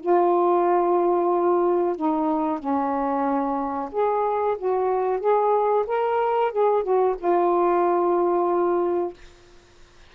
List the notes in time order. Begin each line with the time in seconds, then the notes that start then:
0.00 F4
1.96 D#4
2.59 C#4
3.91 G#4
4.58 F#4
5.20 G#4
5.87 A#4
6.52 G#4
6.83 F#4
7.18 F4